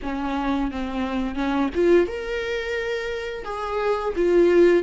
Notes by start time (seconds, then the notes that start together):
0.02 C#4
0.71 C4
1.35 C#4
1.74 F4
2.07 A#4
3.44 G#4
4.16 F4